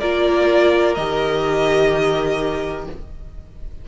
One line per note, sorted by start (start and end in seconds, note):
0.00 0.97 A#3
0.00 0.97 F4
0.00 2.86 A#4
0.00 0.95 D5
0.95 2.87 D#3
0.95 2.88 G4
0.95 2.85 D#5